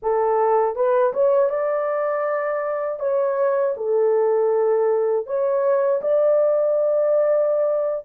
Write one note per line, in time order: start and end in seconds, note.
0.02 0.75 A4
0.75 1.12 B4
1.13 1.49 C#5
1.49 2.99 D5
2.99 3.74 C#5
3.77 5.26 A4
5.26 6.01 C#5
6.01 8.05 D5